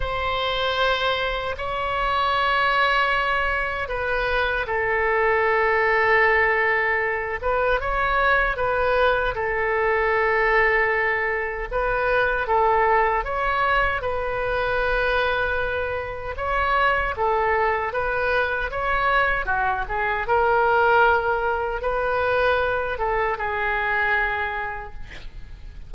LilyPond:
\new Staff \with { instrumentName = "oboe" } { \time 4/4 \tempo 4 = 77 c''2 cis''2~ | cis''4 b'4 a'2~ | a'4. b'8 cis''4 b'4 | a'2. b'4 |
a'4 cis''4 b'2~ | b'4 cis''4 a'4 b'4 | cis''4 fis'8 gis'8 ais'2 | b'4. a'8 gis'2 | }